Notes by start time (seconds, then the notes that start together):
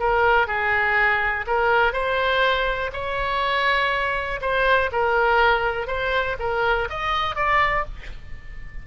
0.00 A#4
0.48 G#4
1.47 A#4
1.93 C5
2.93 C#5
4.42 C5
4.92 A#4
5.87 C5
6.40 A#4
6.90 D#5
7.36 D5